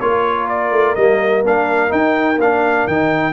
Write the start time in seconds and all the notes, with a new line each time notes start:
0.00 A#3 F4 A#4 C#5
0.48 D5
0.71 A3
0.95 G3 A#3 D#5
1.43 A#3 D4 F5
1.88 D#4 G5
2.38 A#3 D4 F5
2.87 D#3 D#4 G5